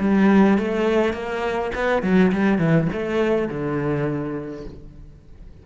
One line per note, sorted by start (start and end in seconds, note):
0.00 0.58 G3
0.59 1.14 A3
1.14 1.72 A#3
1.75 2.03 B3
2.03 2.32 F#3
2.33 2.59 G3
2.59 2.88 E3
2.93 3.49 A3
3.49 4.65 D3